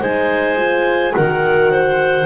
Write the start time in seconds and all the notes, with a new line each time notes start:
0.00 G#3 D#4 C5 G#5
0.57 F4
1.14 D#3 F#4 A#4 F#5
1.72 C5